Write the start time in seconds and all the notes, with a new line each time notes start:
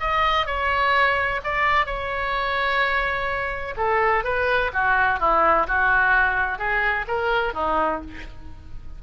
0.00 D#5
0.46 C#5
1.44 D5
1.86 C#5
3.77 A4
4.24 B4
4.73 F#4
5.20 E4
5.67 F#4
6.58 G#4
7.08 A#4
7.54 D#4